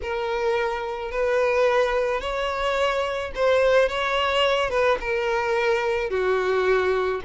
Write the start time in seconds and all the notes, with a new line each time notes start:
0.02 A#4
1.11 B4
2.20 C#5
3.35 C5
3.89 C#5
4.70 B4
5.00 A#4
6.10 F#4